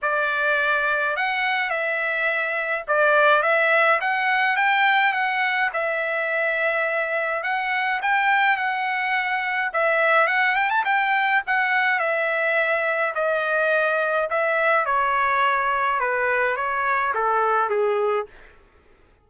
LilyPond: \new Staff \with { instrumentName = "trumpet" } { \time 4/4 \tempo 4 = 105 d''2 fis''4 e''4~ | e''4 d''4 e''4 fis''4 | g''4 fis''4 e''2~ | e''4 fis''4 g''4 fis''4~ |
fis''4 e''4 fis''8 g''16 a''16 g''4 | fis''4 e''2 dis''4~ | dis''4 e''4 cis''2 | b'4 cis''4 a'4 gis'4 | }